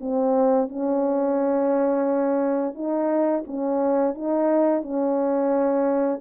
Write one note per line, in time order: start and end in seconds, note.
0.00 0.68 C4
0.68 2.74 C#4
2.74 3.43 D#4
3.46 4.14 C#4
4.14 4.82 D#4
4.82 6.20 C#4